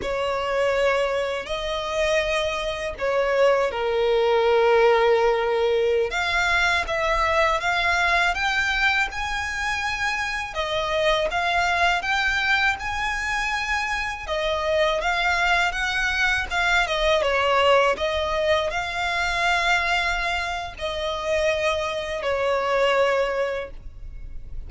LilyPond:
\new Staff \with { instrumentName = "violin" } { \time 4/4 \tempo 4 = 81 cis''2 dis''2 | cis''4 ais'2.~ | ais'16 f''4 e''4 f''4 g''8.~ | g''16 gis''2 dis''4 f''8.~ |
f''16 g''4 gis''2 dis''8.~ | dis''16 f''4 fis''4 f''8 dis''8 cis''8.~ | cis''16 dis''4 f''2~ f''8. | dis''2 cis''2 | }